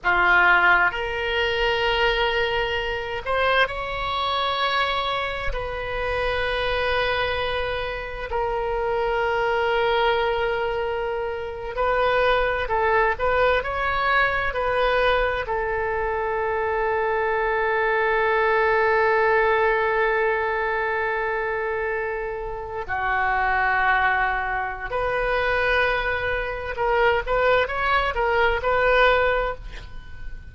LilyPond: \new Staff \with { instrumentName = "oboe" } { \time 4/4 \tempo 4 = 65 f'4 ais'2~ ais'8 c''8 | cis''2 b'2~ | b'4 ais'2.~ | ais'8. b'4 a'8 b'8 cis''4 b'16~ |
b'8. a'2.~ a'16~ | a'1~ | a'8. fis'2~ fis'16 b'4~ | b'4 ais'8 b'8 cis''8 ais'8 b'4 | }